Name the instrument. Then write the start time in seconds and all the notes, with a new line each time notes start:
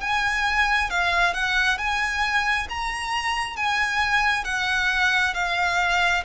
violin
0.00 G#5
0.90 F5
1.33 F#5
1.77 G#5
2.69 A#5
3.56 G#5
4.44 F#5
5.34 F5